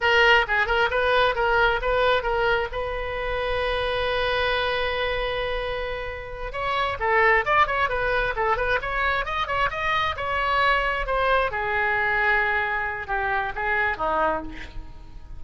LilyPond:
\new Staff \with { instrumentName = "oboe" } { \time 4/4 \tempo 4 = 133 ais'4 gis'8 ais'8 b'4 ais'4 | b'4 ais'4 b'2~ | b'1~ | b'2~ b'8 cis''4 a'8~ |
a'8 d''8 cis''8 b'4 a'8 b'8 cis''8~ | cis''8 dis''8 cis''8 dis''4 cis''4.~ | cis''8 c''4 gis'2~ gis'8~ | gis'4 g'4 gis'4 dis'4 | }